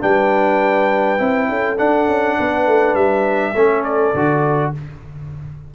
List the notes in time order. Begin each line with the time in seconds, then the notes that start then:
0.00 G3 D4 B4 G5
1.18 C4 E4
1.49 C#4 A4
1.78 D4 F#5
2.07 C#4
2.38 B3 B4
2.66 A3
2.94 G3 E5
3.54 A3 C#4 A4
3.83 D5
4.14 D3 F#4